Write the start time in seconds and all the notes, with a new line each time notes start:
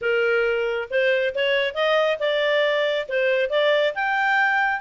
0.01 A#4
0.90 C5
1.35 C#5
1.74 D#5
2.19 D5
3.08 C5
3.49 D5
3.94 G5